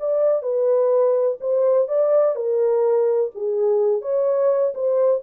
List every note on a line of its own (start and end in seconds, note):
0.00 0.43 D5
0.43 1.38 B4
1.41 1.88 C5
1.88 2.36 D5
2.36 3.31 A#4
3.35 4.02 G#4
4.02 4.74 C#5
4.75 5.22 C5